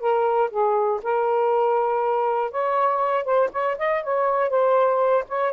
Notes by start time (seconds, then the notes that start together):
0.00 A#4
0.50 G#4
1.03 A#4
2.51 C#5
3.25 C5
3.52 C#5
3.78 D#5
4.03 C#5
4.50 C5
5.28 C#5